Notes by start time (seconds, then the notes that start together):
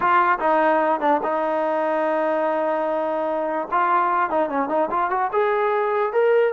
0.00 F4
0.39 D#4
1.00 D4
1.23 D#4
3.71 F4
4.30 D#4
4.49 C#4
4.68 D#4
4.90 F4
5.10 F#4
5.32 G#4
6.12 A#4